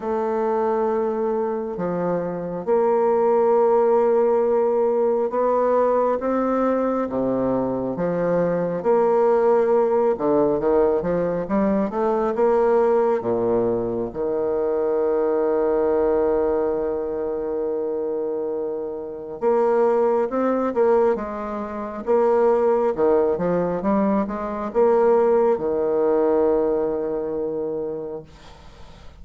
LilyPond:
\new Staff \with { instrumentName = "bassoon" } { \time 4/4 \tempo 4 = 68 a2 f4 ais4~ | ais2 b4 c'4 | c4 f4 ais4. d8 | dis8 f8 g8 a8 ais4 ais,4 |
dis1~ | dis2 ais4 c'8 ais8 | gis4 ais4 dis8 f8 g8 gis8 | ais4 dis2. | }